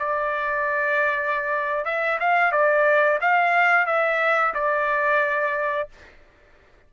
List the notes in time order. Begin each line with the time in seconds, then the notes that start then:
0.00 D5
1.85 E5
2.20 F5
2.52 D5
3.21 F5
3.87 E5
4.54 D5